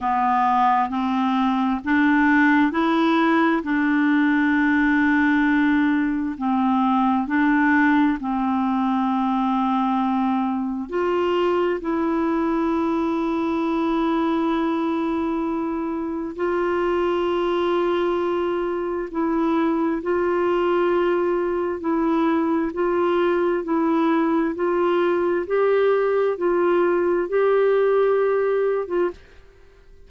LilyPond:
\new Staff \with { instrumentName = "clarinet" } { \time 4/4 \tempo 4 = 66 b4 c'4 d'4 e'4 | d'2. c'4 | d'4 c'2. | f'4 e'2.~ |
e'2 f'2~ | f'4 e'4 f'2 | e'4 f'4 e'4 f'4 | g'4 f'4 g'4.~ g'16 f'16 | }